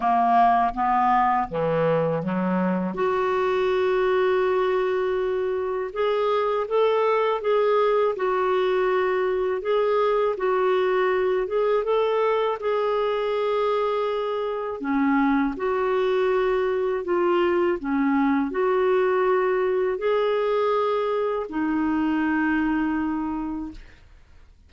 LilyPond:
\new Staff \with { instrumentName = "clarinet" } { \time 4/4 \tempo 4 = 81 ais4 b4 e4 fis4 | fis'1 | gis'4 a'4 gis'4 fis'4~ | fis'4 gis'4 fis'4. gis'8 |
a'4 gis'2. | cis'4 fis'2 f'4 | cis'4 fis'2 gis'4~ | gis'4 dis'2. | }